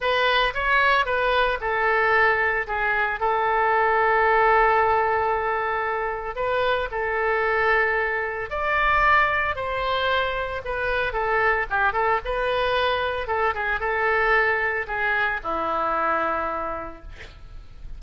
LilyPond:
\new Staff \with { instrumentName = "oboe" } { \time 4/4 \tempo 4 = 113 b'4 cis''4 b'4 a'4~ | a'4 gis'4 a'2~ | a'1 | b'4 a'2. |
d''2 c''2 | b'4 a'4 g'8 a'8 b'4~ | b'4 a'8 gis'8 a'2 | gis'4 e'2. | }